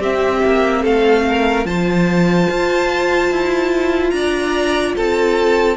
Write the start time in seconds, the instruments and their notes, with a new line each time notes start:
0.00 cello C4, viola C4, violin G4 E5
0.45 cello A#3
0.82 cello A3, violin A4 F5
1.29 violin A#4
1.66 cello F3, viola F4, violin C5 A5
2.49 cello F4
3.32 cello E4
4.11 cello D4, violin D5 A#5
4.96 cello C4, violin A4 A5